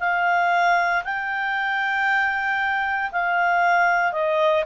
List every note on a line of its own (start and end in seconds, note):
0.00 1.03 F5
1.04 3.11 G5
3.12 4.12 F5
4.12 4.64 D#5